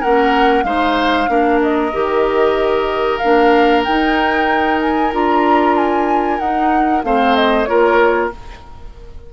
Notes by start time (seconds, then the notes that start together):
0.00 A#3 C#4 A#4 F#5
0.63 G#3 D#4 C5 F5
1.28 A#3 D4 A#4
1.62 D#5
1.92 D#3 G4
3.18 A#3 D4 F5
3.84 D#4 G5
4.80 G#5
5.12 D4 F4 A#5
5.77 G#5
6.39 D#4 F#5
7.03 A3 C4 C5 F5
7.36 D#5
7.65 A#3 F4 A#4 C#5